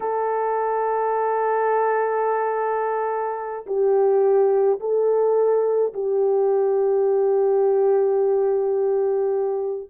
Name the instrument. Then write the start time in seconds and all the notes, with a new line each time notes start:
horn
0.00 A4
3.66 G4
4.80 A4
5.93 G4